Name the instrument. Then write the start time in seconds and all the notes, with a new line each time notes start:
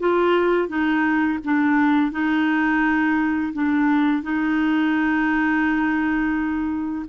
clarinet
0.00 F4
0.69 D#4
1.45 D4
2.12 D#4
3.54 D4
4.24 D#4